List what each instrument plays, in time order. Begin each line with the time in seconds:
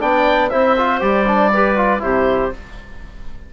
0.00 bassoon B3, trombone D4, clarinet D5, oboe G5
0.49 bassoon C4, trombone E4, clarinet C5, oboe E5
0.78 trombone F4
1.00 bassoon G3, trombone G4, oboe D5
1.28 trombone D4
1.52 trombone G4, clarinet B4
1.77 trombone F4
2.00 bassoon C3, trombone E4, clarinet G4, oboe C5